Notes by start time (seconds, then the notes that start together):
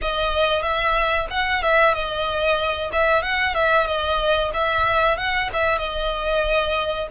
0.01 D#5
0.62 E5
1.30 F#5
1.62 E5
1.94 D#5
2.92 E5
3.22 F#5
3.54 E5
3.86 D#5
4.53 E5
5.17 F#5
5.53 E5
5.78 D#5